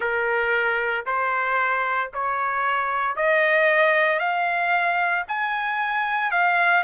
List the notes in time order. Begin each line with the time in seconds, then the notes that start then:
0.00 A#4
1.06 C5
2.13 C#5
3.16 D#5
4.19 F5
5.27 G#5
6.31 F5